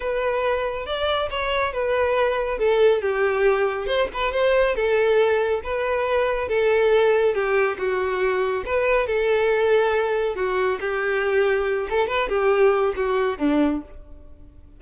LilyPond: \new Staff \with { instrumentName = "violin" } { \time 4/4 \tempo 4 = 139 b'2 d''4 cis''4 | b'2 a'4 g'4~ | g'4 c''8 b'8 c''4 a'4~ | a'4 b'2 a'4~ |
a'4 g'4 fis'2 | b'4 a'2. | fis'4 g'2~ g'8 a'8 | b'8 g'4. fis'4 d'4 | }